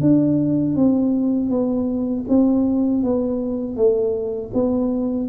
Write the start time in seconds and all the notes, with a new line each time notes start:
0.00 D4
0.75 C4
1.49 B3
2.28 C4
3.03 B3
3.76 A3
4.53 B3